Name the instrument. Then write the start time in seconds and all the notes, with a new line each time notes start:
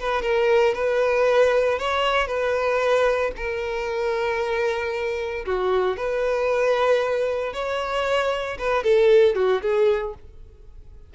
violin
0.00 B4
0.23 A#4
0.75 B4
1.79 C#5
2.28 B4
3.37 A#4
5.46 F#4
5.97 B4
7.53 C#5
8.59 B4
8.84 A4
9.36 F#4
9.62 G#4